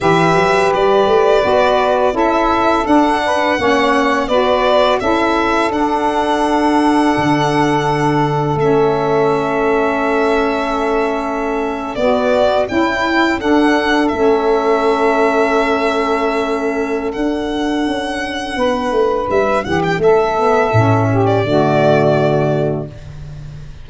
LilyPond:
<<
  \new Staff \with { instrumentName = "violin" } { \time 4/4 \tempo 4 = 84 e''4 d''2 e''4 | fis''2 d''4 e''4 | fis''1 | e''1~ |
e''8. d''4 g''4 fis''4 e''16~ | e''1 | fis''2. e''8 fis''16 g''16 | e''4.~ e''16 d''2~ d''16 | }
  \new Staff \with { instrumentName = "saxophone" } { \time 4/4 b'2. a'4~ | a'8 b'8 cis''4 b'4 a'4~ | a'1~ | a'1~ |
a'8. fis'4 e'4 a'4~ a'16~ | a'1~ | a'2 b'4. g'8 | a'4. g'8 fis'2 | }
  \new Staff \with { instrumentName = "saxophone" } { \time 4/4 g'2 fis'4 e'4 | d'4 cis'4 fis'4 e'4 | d'1 | cis'1~ |
cis'8. b4 e'4 d'4 cis'16~ | cis'1 | d'1~ | d'8 b8 cis'4 a2 | }
  \new Staff \with { instrumentName = "tuba" } { \time 4/4 e8 fis8 g8 a8 b4 cis'4 | d'4 ais4 b4 cis'4 | d'2 d2 | a1~ |
a8. b4 cis'4 d'4 a16~ | a1 | d'4 cis'4 b8 a8 g8 e8 | a4 a,4 d2 | }
>>